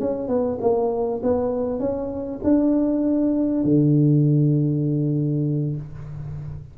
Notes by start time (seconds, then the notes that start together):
0.00 C#4
0.28 B3
0.61 A#3
1.23 B3
1.79 C#4
2.44 D4
3.64 D3